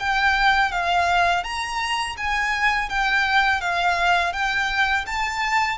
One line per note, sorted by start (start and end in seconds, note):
0.00 0.72 G5
0.72 1.44 F5
1.44 2.16 A#5
2.18 2.90 G#5
2.90 3.61 G5
3.61 4.33 F5
4.33 5.05 G5
5.07 5.78 A5